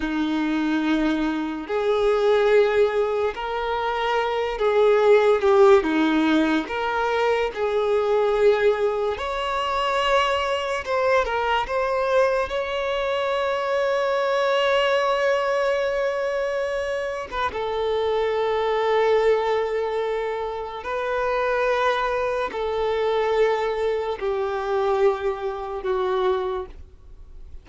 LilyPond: \new Staff \with { instrumentName = "violin" } { \time 4/4 \tempo 4 = 72 dis'2 gis'2 | ais'4. gis'4 g'8 dis'4 | ais'4 gis'2 cis''4~ | cis''4 c''8 ais'8 c''4 cis''4~ |
cis''1~ | cis''8. b'16 a'2.~ | a'4 b'2 a'4~ | a'4 g'2 fis'4 | }